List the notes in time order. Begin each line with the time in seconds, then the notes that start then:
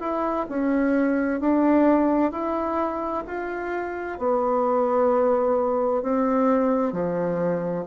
0.00 E4
0.49 C#4
1.41 D4
2.32 E4
3.27 F4
4.18 B3
6.03 C4
6.92 F3